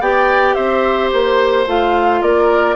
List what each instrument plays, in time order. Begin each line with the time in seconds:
0.00 bassoon B3, clarinet G4, oboe D5, flute G5
0.54 bassoon C4, oboe C5, flute E5
1.12 bassoon A#3, flute C5
1.67 bassoon A3, clarinet F4, flute F5
2.21 bassoon A#3, oboe A#4, flute D5